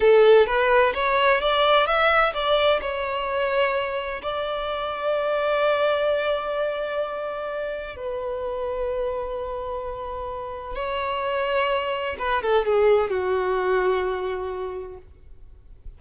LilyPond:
\new Staff \with { instrumentName = "violin" } { \time 4/4 \tempo 4 = 128 a'4 b'4 cis''4 d''4 | e''4 d''4 cis''2~ | cis''4 d''2.~ | d''1~ |
d''4 b'2.~ | b'2. cis''4~ | cis''2 b'8 a'8 gis'4 | fis'1 | }